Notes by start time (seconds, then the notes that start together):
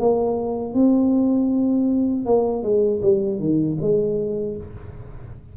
0.00 A#3
0.74 C4
2.26 A#3
2.63 G#3
3.02 G3
3.40 D#3
3.81 G#3